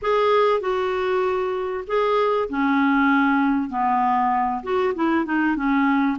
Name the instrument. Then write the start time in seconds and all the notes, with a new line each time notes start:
clarinet
0.02 G#4
0.60 F#4
1.87 G#4
2.49 C#4
3.69 B3
4.63 F#4
4.94 E4
5.25 D#4
5.56 C#4